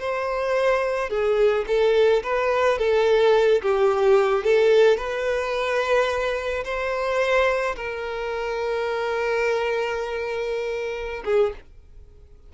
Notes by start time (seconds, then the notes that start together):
0.00 C5
1.10 G#4
1.68 A4
2.23 B4
2.79 A4
3.62 G4
4.44 A4
4.98 B4
6.65 C5
7.76 A#4
11.25 G#4